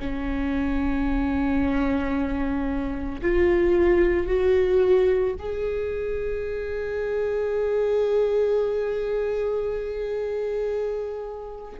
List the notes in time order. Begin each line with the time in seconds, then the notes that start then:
0.00 C#4
3.22 F4
4.28 F#4
5.39 G#4